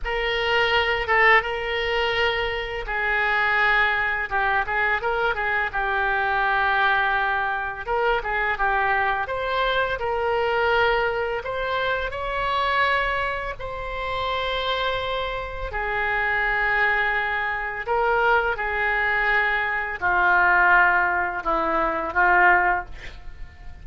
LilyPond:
\new Staff \with { instrumentName = "oboe" } { \time 4/4 \tempo 4 = 84 ais'4. a'8 ais'2 | gis'2 g'8 gis'8 ais'8 gis'8 | g'2. ais'8 gis'8 | g'4 c''4 ais'2 |
c''4 cis''2 c''4~ | c''2 gis'2~ | gis'4 ais'4 gis'2 | f'2 e'4 f'4 | }